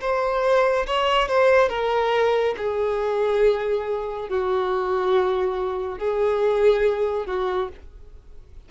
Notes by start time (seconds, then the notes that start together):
0.00 C5
0.86 C#5
1.28 C5
1.69 A#4
2.57 G#4
4.29 F#4
5.98 G#4
7.26 F#4